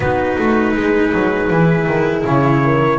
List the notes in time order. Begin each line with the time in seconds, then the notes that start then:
0.00 B3 D#4 F#4 B4
0.38 A3
0.75 G#3 G#4
1.13 F#3
1.50 E3 E4
1.86 D#3
2.24 C#3 C#5
2.64 A#4